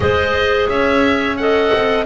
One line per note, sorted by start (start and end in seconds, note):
0.00 0.68 G#3
0.00 1.36 G#4
0.00 0.70 C5
0.00 0.68 D#5
0.68 1.70 C#4
0.68 1.38 C#5
0.68 1.37 E5
1.37 2.05 A4
1.37 2.05 D#5
1.37 2.05 F#5
1.74 2.05 C4